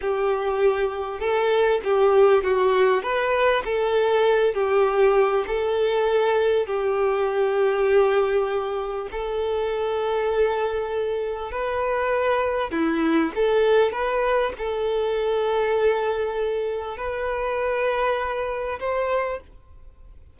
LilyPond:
\new Staff \with { instrumentName = "violin" } { \time 4/4 \tempo 4 = 99 g'2 a'4 g'4 | fis'4 b'4 a'4. g'8~ | g'4 a'2 g'4~ | g'2. a'4~ |
a'2. b'4~ | b'4 e'4 a'4 b'4 | a'1 | b'2. c''4 | }